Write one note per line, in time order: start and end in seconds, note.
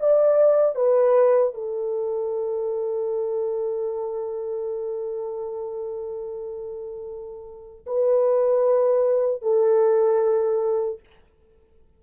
0.00 0.75 D5
0.75 1.54 B4
1.55 7.86 A4
7.87 9.43 B4
9.43 11.01 A4